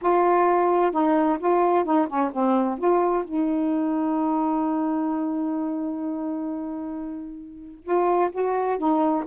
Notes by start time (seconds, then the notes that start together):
0.01 F4
0.91 D#4
1.39 F4
1.84 D#4
2.07 C#4
2.32 C4
2.78 F4
3.24 D#4
7.83 F4
8.31 F#4
8.78 D#4